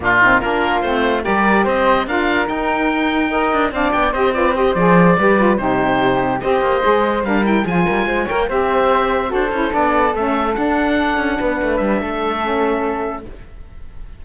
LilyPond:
<<
  \new Staff \with { instrumentName = "oboe" } { \time 4/4 \tempo 4 = 145 f'4 ais'4 c''4 d''4 | dis''4 f''4 g''2~ | g''4 f''8 g''8 dis''8 d''8 dis''8 d''8~ | d''4. c''2 dis''8~ |
dis''4. f''8 g''8 gis''4. | g''8 e''2 c''4 d''8~ | d''8 e''4 fis''2~ fis''8~ | fis''8 e''2.~ e''8 | }
  \new Staff \with { instrumentName = "flute" } { \time 4/4 d'8 dis'8 f'2 ais'4 | c''4 ais'2. | dis''4 d''4 c''8 b'8 c''4~ | c''8 b'4 g'2 c''8~ |
c''4. ais'4 gis'8 ais'8 c''8 | cis''8 c''2 a'4.~ | a'2.~ a'8 b'8~ | b'4 a'2. | }
  \new Staff \with { instrumentName = "saxophone" } { \time 4/4 ais8 c'8 d'4 c'4 g'4~ | g'4 f'4 dis'2 | ais'4 d'4 g'8 f'8 g'8 gis'8~ | gis'8 g'8 f'8 dis'2 g'8~ |
g'8 gis'4 d'8 e'8 f'4. | ais'8 g'2 fis'8 e'8 d'8~ | d'8 cis'4 d'2~ d'8~ | d'2 cis'2 | }
  \new Staff \with { instrumentName = "cello" } { \time 4/4 ais,4 ais4 a4 g4 | c'4 d'4 dis'2~ | dis'8 d'8 c'8 b8 c'4. f8~ | f8 g4 c2 c'8 |
ais8 gis4 g4 f8 g8 gis8 | ais8 c'2 d'8 cis'8 b8~ | b8 a4 d'4. cis'8 b8 | a8 g8 a2. | }
>>